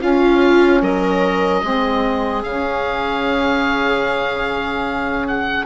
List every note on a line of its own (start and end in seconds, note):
0.00 1.62 C#4
0.00 0.82 C#4
0.00 0.82 F4
0.00 0.82 F5
0.82 1.63 F#3
0.82 1.63 A#4
0.82 2.43 D#5
1.62 2.43 G#3
1.62 2.43 C4
1.62 5.65 G#4
2.43 5.65 C#3
2.43 5.65 C#4
2.43 5.27 F5
5.27 5.65 F#5